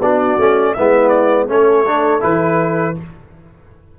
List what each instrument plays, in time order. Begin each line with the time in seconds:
0.00 tuba B3, trombone D4, horn F#4, trumpet D5
0.37 tuba A3, trombone C#4
0.73 tuba G#3, trombone B3, horn E4, trumpet E5
1.08 trumpet D5
1.48 tuba A3, trombone C#4, horn A4, trumpet C#5
1.85 trombone D4
2.20 tuba E3, trombone E4, trumpet B4